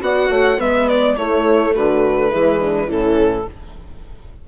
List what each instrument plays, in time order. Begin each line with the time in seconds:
0.00 bassoon B3, viola F#4, horn D5, violin F#5
0.29 bassoon A3, horn C#5
0.58 bassoon G#3, viola B3, horn B4, violin E5
0.88 violin D5
1.16 bassoon A3, viola A3, horn E4, violin C#5
1.74 bassoon D3, horn F#4, violin B4
2.30 bassoon E3, viola G#3, horn E4
2.60 horn D4
2.87 bassoon A2, viola E3, horn C#4, violin A4